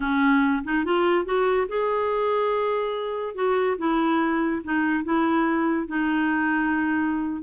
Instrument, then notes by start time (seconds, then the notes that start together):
clarinet
0.00 C#4
0.64 D#4
0.84 F4
1.25 F#4
1.68 G#4
3.35 F#4
3.78 E4
4.63 D#4
5.03 E4
5.87 D#4